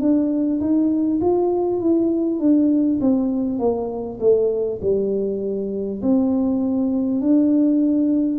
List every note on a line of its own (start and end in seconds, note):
0.00 0.60 D4
0.61 1.21 D#4
1.21 1.81 F4
1.81 2.39 E4
2.39 2.99 D4
3.01 3.59 C4
3.59 4.19 A#3
4.20 4.80 A3
4.82 6.02 G3
6.02 7.21 C4
7.21 8.39 D4